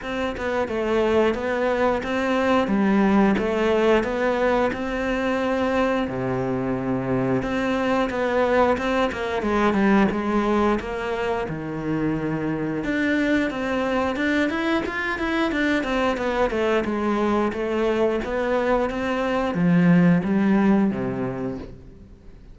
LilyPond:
\new Staff \with { instrumentName = "cello" } { \time 4/4 \tempo 4 = 89 c'8 b8 a4 b4 c'4 | g4 a4 b4 c'4~ | c'4 c2 c'4 | b4 c'8 ais8 gis8 g8 gis4 |
ais4 dis2 d'4 | c'4 d'8 e'8 f'8 e'8 d'8 c'8 | b8 a8 gis4 a4 b4 | c'4 f4 g4 c4 | }